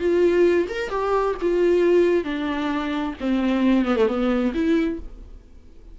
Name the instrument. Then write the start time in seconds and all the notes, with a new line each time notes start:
viola
0.00 F4
0.69 A#4
0.90 G4
1.42 F4
2.24 D4
3.21 C4
3.86 B3
3.97 A3
4.08 B3
4.54 E4